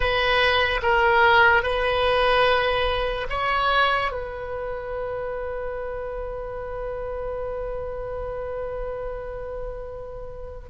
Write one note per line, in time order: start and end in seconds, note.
0.00 0.80 B4
0.82 1.62 A#4
1.62 3.27 B4
3.29 4.11 C#5
4.11 10.68 B4